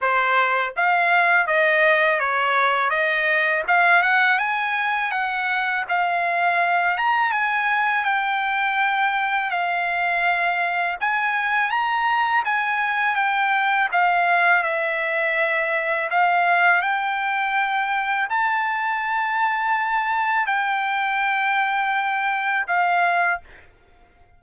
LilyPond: \new Staff \with { instrumentName = "trumpet" } { \time 4/4 \tempo 4 = 82 c''4 f''4 dis''4 cis''4 | dis''4 f''8 fis''8 gis''4 fis''4 | f''4. ais''8 gis''4 g''4~ | g''4 f''2 gis''4 |
ais''4 gis''4 g''4 f''4 | e''2 f''4 g''4~ | g''4 a''2. | g''2. f''4 | }